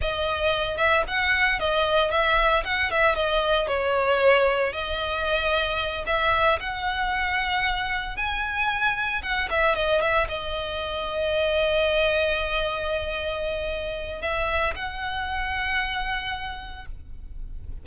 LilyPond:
\new Staff \with { instrumentName = "violin" } { \time 4/4 \tempo 4 = 114 dis''4. e''8 fis''4 dis''4 | e''4 fis''8 e''8 dis''4 cis''4~ | cis''4 dis''2~ dis''8 e''8~ | e''8 fis''2. gis''8~ |
gis''4. fis''8 e''8 dis''8 e''8 dis''8~ | dis''1~ | dis''2. e''4 | fis''1 | }